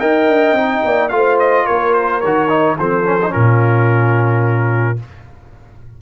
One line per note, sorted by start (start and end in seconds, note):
0.00 0.28 D#4
0.00 0.56 A#4
0.00 0.83 D#5
0.00 1.09 G5
0.28 0.52 D4
0.52 0.80 C4
0.52 1.11 D#4
0.84 1.11 A#3
0.84 1.13 D5
1.09 1.67 A3
1.09 2.22 F4
1.09 1.37 F5
1.16 1.66 C5
1.39 1.66 D#5
1.66 2.24 A#3
1.66 2.77 A#4
1.66 1.94 C#5
1.94 2.21 C5
2.21 2.79 D#3
2.21 2.49 F#4
2.21 2.76 C#5
2.49 2.77 D#4
2.79 3.35 F3
2.79 3.05 C4
2.79 3.32 A4
2.79 3.33 C5
3.05 3.19 C#4
3.23 3.30 D#4
3.30 5.02 A#2
3.30 4.96 C#4
3.30 4.99 F4
3.30 4.99 A#4